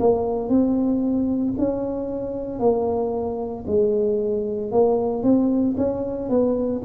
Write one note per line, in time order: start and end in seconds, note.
0.00 0.49 A#3
0.49 1.54 C4
1.58 2.59 C#4
2.59 3.65 A#3
3.67 4.72 G#3
4.72 5.23 A#3
5.23 5.76 C4
5.78 6.30 C#4
6.30 6.82 B3